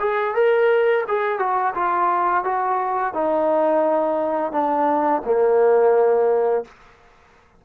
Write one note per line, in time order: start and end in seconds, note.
0.00 0.35 G#4
0.35 1.05 A#4
1.08 1.40 G#4
1.40 1.74 F#4
1.75 2.45 F4
2.45 3.14 F#4
3.14 4.53 D#4
4.53 5.22 D4
5.25 6.65 A#3